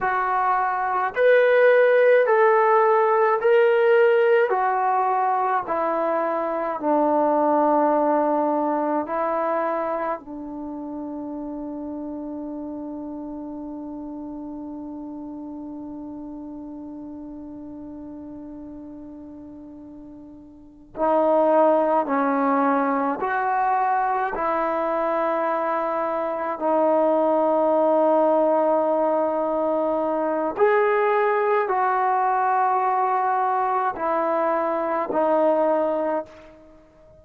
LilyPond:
\new Staff \with { instrumentName = "trombone" } { \time 4/4 \tempo 4 = 53 fis'4 b'4 a'4 ais'4 | fis'4 e'4 d'2 | e'4 d'2.~ | d'1~ |
d'2~ d'8 dis'4 cis'8~ | cis'8 fis'4 e'2 dis'8~ | dis'2. gis'4 | fis'2 e'4 dis'4 | }